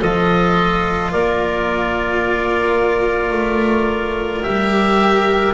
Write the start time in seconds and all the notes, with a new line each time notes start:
0.00 F3 F4 A4 D#5
1.12 A#3 A#4 D5
3.31 A3
4.43 G3 G4 E5